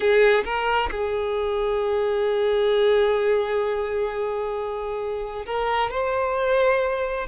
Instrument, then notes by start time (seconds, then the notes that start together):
violin
0.00 G#4
0.44 A#4
0.91 G#4
5.46 A#4
5.90 C5